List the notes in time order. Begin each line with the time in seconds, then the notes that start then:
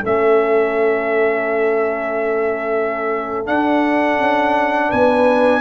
0.00 A3 C#4 A4 E5
3.45 D4 F#5
4.18 C#4
4.89 B3 B4 G#5